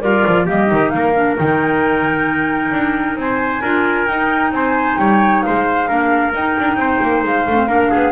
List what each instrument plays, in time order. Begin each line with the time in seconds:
0.00 double bass G3, trumpet F4, clarinet A#4, flute D5
0.26 double bass F3
0.45 double bass G3, clarinet A#3, trumpet G4, flute D#5
0.66 double bass D#3, clarinet D#4
0.89 double bass A#3, trumpet A#4, flute F5
1.15 clarinet D4
1.36 double bass D#3, clarinet D#4, flute G5
2.72 double bass D4
3.15 double bass C4, flute G#5
3.22 trumpet C5
3.62 double bass D4, clarinet F4, trumpet A#4
4.06 double bass D#4, clarinet D#4, flute G5
4.51 double bass C4, trumpet C5, flute G#5
4.97 double bass G3, trumpet C#5, flute G5
5.41 trumpet C5, flute F5
5.48 double bass G#3
5.87 double bass A#3, clarinet D4, trumpet A#4
6.34 double bass D#4, clarinet D#4, flute G5
6.60 double bass D4
6.76 double bass C4, trumpet C5
7.02 double bass A#3
7.23 double bass G#3, flute F5
7.46 double bass A3, clarinet D4
7.56 clarinet C4
7.67 double bass A#3, clarinet D4, trumpet A#4
7.90 double bass B3, trumpet G#4